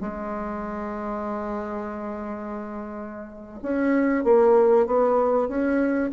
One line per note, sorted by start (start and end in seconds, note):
0.00 3.59 G#3
3.62 4.24 C#4
4.24 4.86 A#3
4.86 5.48 B3
5.48 6.11 C#4